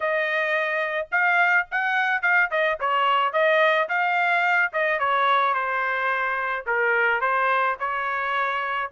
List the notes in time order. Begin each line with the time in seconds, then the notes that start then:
0.00 D#5
1.11 F5
1.71 F#5
2.22 F5
2.51 D#5
2.80 C#5
3.33 D#5
3.88 F5
4.72 D#5
4.99 C#5
5.54 C5
6.66 A#4
7.20 C5
7.79 C#5